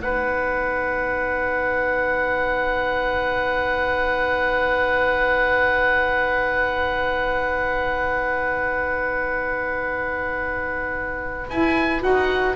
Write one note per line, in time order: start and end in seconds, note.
0.00 11.45 B3
0.00 11.46 D#4
0.00 12.55 B4
0.00 11.47 F#5
11.49 12.01 E4
11.49 12.02 E4
11.49 12.02 G#5
12.01 12.55 D#4
12.01 12.55 F#4
12.01 12.55 F#5